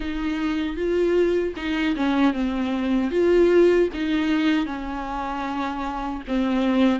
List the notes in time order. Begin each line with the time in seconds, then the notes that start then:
0.00 D#4
0.76 F4
1.56 D#4
1.96 C#4
2.33 C4
3.10 F4
3.94 D#4
4.66 C#4
6.27 C4